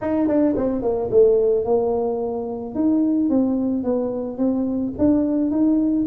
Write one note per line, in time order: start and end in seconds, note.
0.01 0.27 D#4
0.27 0.55 D4
0.57 0.82 C4
0.82 1.09 A#3
1.10 1.64 A3
1.64 2.74 A#3
2.74 3.29 D#4
3.29 3.83 C4
3.83 4.37 B3
4.37 4.92 C4
4.98 5.50 D4
5.50 6.06 D#4